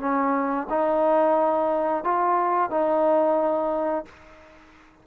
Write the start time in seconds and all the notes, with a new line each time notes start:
0.00 C#4
0.70 D#4
2.04 F4
2.71 D#4